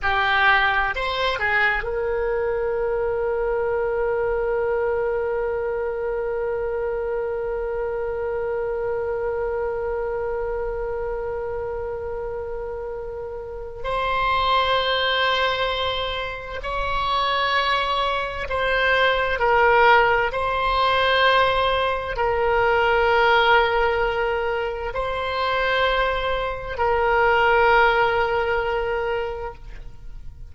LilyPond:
\new Staff \with { instrumentName = "oboe" } { \time 4/4 \tempo 4 = 65 g'4 c''8 gis'8 ais'2~ | ais'1~ | ais'1~ | ais'2. c''4~ |
c''2 cis''2 | c''4 ais'4 c''2 | ais'2. c''4~ | c''4 ais'2. | }